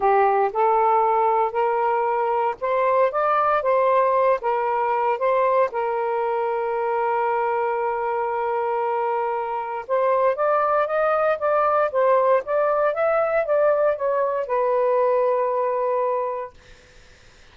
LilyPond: \new Staff \with { instrumentName = "saxophone" } { \time 4/4 \tempo 4 = 116 g'4 a'2 ais'4~ | ais'4 c''4 d''4 c''4~ | c''8 ais'4. c''4 ais'4~ | ais'1~ |
ais'2. c''4 | d''4 dis''4 d''4 c''4 | d''4 e''4 d''4 cis''4 | b'1 | }